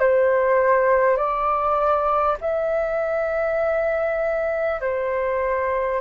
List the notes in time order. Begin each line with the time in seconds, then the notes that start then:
0.00 C5
1.17 D5
2.41 E5
4.81 C5